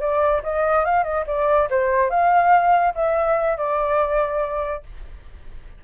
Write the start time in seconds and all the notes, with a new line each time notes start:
0.00 D5
0.43 D#5
0.84 F5
1.03 D#5
1.27 D5
1.70 C5
2.10 F5
2.95 E5
3.57 D5